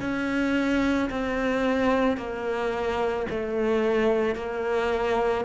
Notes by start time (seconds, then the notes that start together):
0.00 C#4
1.10 C4
2.17 A#3
3.30 A3
4.35 A#3